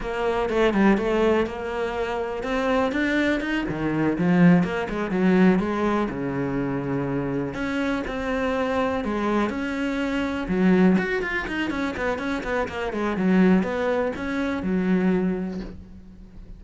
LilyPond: \new Staff \with { instrumentName = "cello" } { \time 4/4 \tempo 4 = 123 ais4 a8 g8 a4 ais4~ | ais4 c'4 d'4 dis'8 dis8~ | dis8 f4 ais8 gis8 fis4 gis8~ | gis8 cis2. cis'8~ |
cis'8 c'2 gis4 cis'8~ | cis'4. fis4 fis'8 f'8 dis'8 | cis'8 b8 cis'8 b8 ais8 gis8 fis4 | b4 cis'4 fis2 | }